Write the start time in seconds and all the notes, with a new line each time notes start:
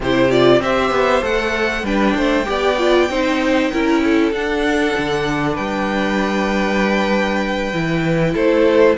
0.00 C3 E4 G4 C5
0.30 F4 D5
0.60 C4 G4 C5 E5
0.91 B3
1.22 A3 A4 F#5
1.82 G3 D4 B4 G5
2.15 A3 C5
2.45 B3 G4 D5
2.77 F4
3.09 C4 D#4 C5
3.71 C#4 E4 A#4
4.03 A4
4.32 D4 F#5
4.98 D3
5.53 G3 B4 G5
7.73 E3 E4
8.33 A3 A4 C5